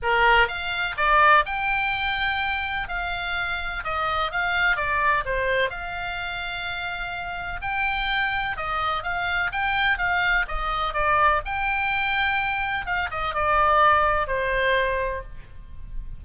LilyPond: \new Staff \with { instrumentName = "oboe" } { \time 4/4 \tempo 4 = 126 ais'4 f''4 d''4 g''4~ | g''2 f''2 | dis''4 f''4 d''4 c''4 | f''1 |
g''2 dis''4 f''4 | g''4 f''4 dis''4 d''4 | g''2. f''8 dis''8 | d''2 c''2 | }